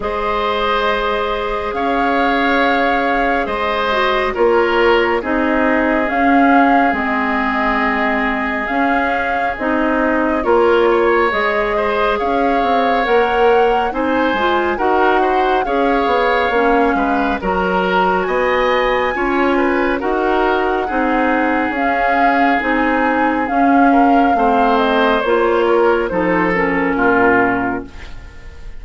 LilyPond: <<
  \new Staff \with { instrumentName = "flute" } { \time 4/4 \tempo 4 = 69 dis''2 f''2 | dis''4 cis''4 dis''4 f''4 | dis''2 f''4 dis''4 | cis''4 dis''4 f''4 fis''4 |
gis''4 fis''4 f''2 | ais''4 gis''2 fis''4~ | fis''4 f''4 gis''4 f''4~ | f''8 dis''8 cis''4 c''8 ais'4. | }
  \new Staff \with { instrumentName = "oboe" } { \time 4/4 c''2 cis''2 | c''4 ais'4 gis'2~ | gis'1 | ais'8 cis''4 c''8 cis''2 |
c''4 ais'8 c''8 cis''4. b'8 | ais'4 dis''4 cis''8 b'8 ais'4 | gis'2.~ gis'8 ais'8 | c''4. ais'8 a'4 f'4 | }
  \new Staff \with { instrumentName = "clarinet" } { \time 4/4 gis'1~ | gis'8 fis'8 f'4 dis'4 cis'4 | c'2 cis'4 dis'4 | f'4 gis'2 ais'4 |
dis'8 f'8 fis'4 gis'4 cis'4 | fis'2 f'4 fis'4 | dis'4 cis'4 dis'4 cis'4 | c'4 f'4 dis'8 cis'4. | }
  \new Staff \with { instrumentName = "bassoon" } { \time 4/4 gis2 cis'2 | gis4 ais4 c'4 cis'4 | gis2 cis'4 c'4 | ais4 gis4 cis'8 c'8 ais4 |
c'8 gis8 dis'4 cis'8 b8 ais8 gis8 | fis4 b4 cis'4 dis'4 | c'4 cis'4 c'4 cis'4 | a4 ais4 f4 ais,4 | }
>>